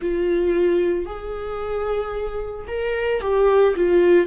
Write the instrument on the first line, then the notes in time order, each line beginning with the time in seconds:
viola
0.01 F4
1.05 G#4
2.67 A#4
3.21 G4
3.75 F4